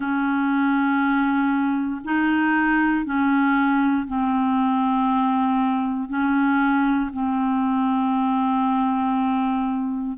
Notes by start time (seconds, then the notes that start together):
0.00 C#4
2.04 D#4
3.05 C#4
4.07 C4
6.08 C#4
7.12 C4